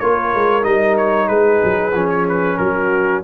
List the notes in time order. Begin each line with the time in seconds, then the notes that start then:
0.00 A#3 F4 A#4 C#5
0.35 G#3
0.63 G3 D#4 D#5
0.98 C#5
1.28 G#3 G#4 B4
1.64 F#3
1.94 F3 C#4
2.10 C#5
2.29 B4
2.58 F#3 F#4 A#4